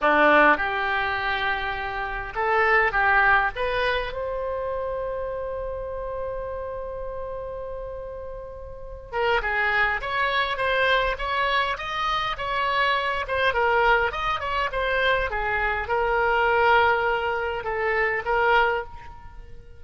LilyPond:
\new Staff \with { instrumentName = "oboe" } { \time 4/4 \tempo 4 = 102 d'4 g'2. | a'4 g'4 b'4 c''4~ | c''1~ | c''2.~ c''8 ais'8 |
gis'4 cis''4 c''4 cis''4 | dis''4 cis''4. c''8 ais'4 | dis''8 cis''8 c''4 gis'4 ais'4~ | ais'2 a'4 ais'4 | }